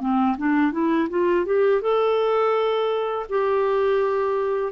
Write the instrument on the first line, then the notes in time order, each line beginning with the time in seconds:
clarinet
0.00 C4
0.37 D4
0.72 E4
1.10 F4
1.46 G4
1.81 A4
3.29 G4